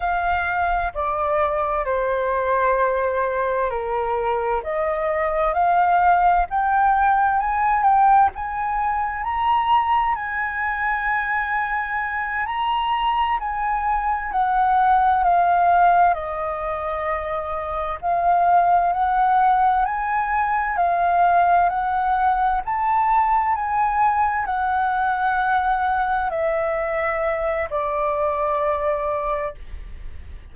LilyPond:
\new Staff \with { instrumentName = "flute" } { \time 4/4 \tempo 4 = 65 f''4 d''4 c''2 | ais'4 dis''4 f''4 g''4 | gis''8 g''8 gis''4 ais''4 gis''4~ | gis''4. ais''4 gis''4 fis''8~ |
fis''8 f''4 dis''2 f''8~ | f''8 fis''4 gis''4 f''4 fis''8~ | fis''8 a''4 gis''4 fis''4.~ | fis''8 e''4. d''2 | }